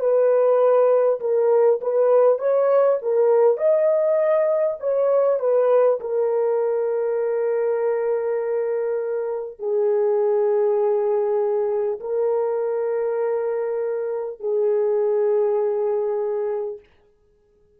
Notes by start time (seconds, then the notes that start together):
0.00 B4
1.20 A#4
1.81 B4
2.38 C#5
3.02 A#4
3.57 D#5
4.80 C#5
5.39 B4
6.01 A#4
9.59 G#4
12.00 A#4
14.39 G#4